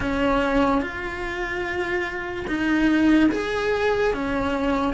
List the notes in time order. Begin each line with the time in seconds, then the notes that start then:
0.00 C#4
0.81 F4
2.47 D#4
3.31 G#4
4.13 C#4